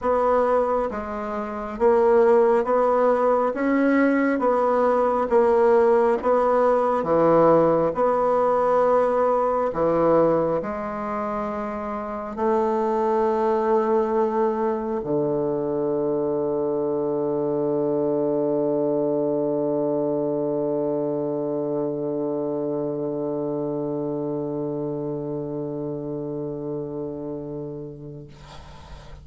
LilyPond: \new Staff \with { instrumentName = "bassoon" } { \time 4/4 \tempo 4 = 68 b4 gis4 ais4 b4 | cis'4 b4 ais4 b4 | e4 b2 e4 | gis2 a2~ |
a4 d2.~ | d1~ | d1~ | d1 | }